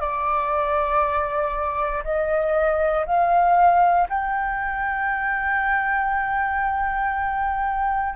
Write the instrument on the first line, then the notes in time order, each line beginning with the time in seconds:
flute
0.00 D5
2.04 D#5
3.06 F5
4.10 G5